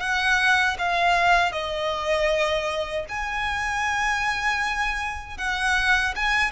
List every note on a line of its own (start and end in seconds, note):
0.00 0.77 F#5
0.78 1.52 F5
1.52 3.06 D#5
3.09 5.37 G#5
5.37 6.14 F#5
6.16 6.51 G#5